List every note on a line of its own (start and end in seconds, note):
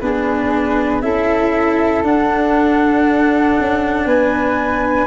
0.00 1.03 B3
0.00 1.03 D4
0.00 1.04 G#4
0.00 1.02 B4
1.02 2.04 C#4
1.02 2.04 E4
1.02 4.07 A4
1.02 2.03 E5
2.04 3.56 D4
2.04 5.07 D4
2.04 4.07 F#5
3.60 4.06 C#4
4.06 5.07 B3
4.06 5.07 B4
4.06 5.07 G#5